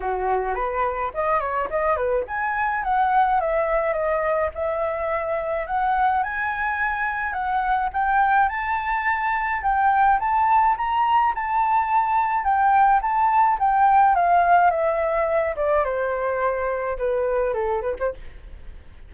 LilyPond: \new Staff \with { instrumentName = "flute" } { \time 4/4 \tempo 4 = 106 fis'4 b'4 dis''8 cis''8 dis''8 b'8 | gis''4 fis''4 e''4 dis''4 | e''2 fis''4 gis''4~ | gis''4 fis''4 g''4 a''4~ |
a''4 g''4 a''4 ais''4 | a''2 g''4 a''4 | g''4 f''4 e''4. d''8 | c''2 b'4 a'8 b'16 c''16 | }